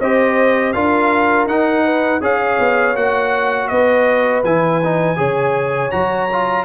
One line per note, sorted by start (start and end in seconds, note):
0.00 0.75 C4
0.00 0.75 G4
0.00 0.74 C5
0.00 0.73 D#5
0.73 1.46 D4
0.73 1.49 F4
0.73 1.85 A#4
0.73 1.47 F5
1.46 2.21 D#4
1.46 2.22 F#5
1.85 2.22 B4
2.21 2.58 C#4
2.21 2.95 G#4
2.21 3.72 C#5
2.21 2.96 F5
2.60 2.97 B3
2.96 3.71 A#3
2.96 4.44 F#4
2.96 3.68 F#5
3.68 4.44 B3
3.68 5.19 B4
3.68 4.42 D#5
4.44 5.18 E3
4.44 4.83 E4
4.44 5.91 G#5
4.84 5.17 D#4
5.17 5.92 C#3
5.17 5.91 G#4
5.17 6.66 C#5
5.91 6.66 F#3
5.91 6.29 F#4
5.91 6.65 A#5
6.33 6.66 F4